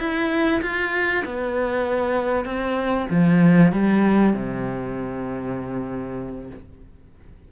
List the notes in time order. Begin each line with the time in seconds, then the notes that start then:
0.00 E4
0.62 F4
1.25 B3
2.45 C4
3.11 F3
3.73 G3
4.34 C3